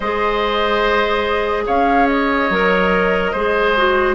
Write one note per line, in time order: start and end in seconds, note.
0.00 1.67 G#3
0.00 2.52 G#4
0.00 1.63 C5
0.00 1.65 D#5
1.66 2.50 C#4
1.66 3.32 C#5
1.66 2.07 F5
2.07 4.15 D#5
2.50 3.33 F#3
2.50 3.35 A#4
3.32 4.15 G#3
3.32 3.77 G#4
3.32 4.15 C5
3.77 4.15 F#4